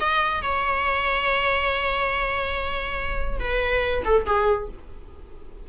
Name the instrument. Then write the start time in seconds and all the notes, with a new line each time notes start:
viola
0.00 D#5
0.42 C#5
3.39 B4
4.05 A4
4.26 G#4